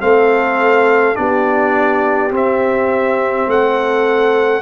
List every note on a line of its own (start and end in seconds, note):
0.00 1.16 A3
0.00 1.14 C4
0.00 1.18 A4
0.00 1.15 F5
1.14 2.31 B3
1.14 2.30 D4
1.14 3.49 G4
1.14 2.31 D5
2.31 3.46 C4
2.31 4.61 C4
2.31 3.50 E5
3.47 4.61 A3
3.47 4.61 A4
3.47 4.61 F#5